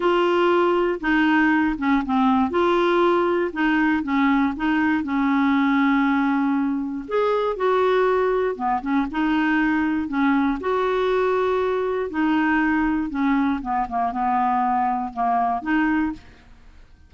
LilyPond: \new Staff \with { instrumentName = "clarinet" } { \time 4/4 \tempo 4 = 119 f'2 dis'4. cis'8 | c'4 f'2 dis'4 | cis'4 dis'4 cis'2~ | cis'2 gis'4 fis'4~ |
fis'4 b8 cis'8 dis'2 | cis'4 fis'2. | dis'2 cis'4 b8 ais8 | b2 ais4 dis'4 | }